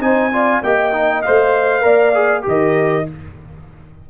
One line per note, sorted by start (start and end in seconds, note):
0.00 0.61 C4
0.00 0.31 D#4
0.00 0.33 C5
0.00 0.63 G#5
0.32 0.63 F4
0.32 0.63 D5
0.62 1.24 A#3
0.62 0.92 G4
0.62 1.84 D#5
0.62 1.22 G5
0.92 1.23 D#4
1.22 1.84 A3
1.22 1.81 C5
1.22 2.44 F5
1.81 2.45 A#3
1.81 2.12 A#4
1.81 2.45 D5
2.14 2.42 G#4
2.42 3.08 D#3
2.42 3.04 G4
2.42 3.09 A#4
2.42 3.10 D#5